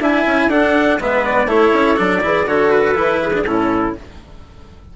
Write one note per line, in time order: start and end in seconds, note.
0.00 0.25 D4
0.00 0.50 E4
0.00 0.49 E5
0.00 0.50 G#5
0.26 0.47 C#4
0.47 0.96 D4
0.47 1.00 D4
0.47 0.98 A4
0.47 0.99 F#5
0.99 1.46 G#3
0.99 1.47 B3
0.99 1.48 B4
0.99 1.25 E5
1.25 1.49 D5
1.46 1.70 A3
1.46 1.96 E4
1.46 2.22 A4
1.46 1.99 C#5
1.73 1.98 C#4
1.96 2.23 F#3
1.96 2.21 D4
1.96 2.47 D5
2.21 2.46 E3
2.21 2.46 E4
2.21 2.48 G#4
2.46 2.95 D3
2.46 2.95 F#4
2.46 3.21 A4
2.46 2.70 C#5
2.70 3.44 B4
2.95 3.44 E3
2.95 3.32 E4
3.22 3.46 G#4
3.33 3.45 D4
3.45 3.94 A2
3.45 3.96 C#4
3.45 3.96 E4
3.45 3.95 A4